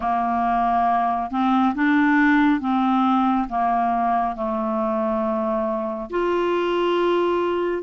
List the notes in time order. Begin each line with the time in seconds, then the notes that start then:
0.00 A#3
1.30 C4
1.74 D4
2.60 C4
3.49 A#3
4.35 A3
6.09 F4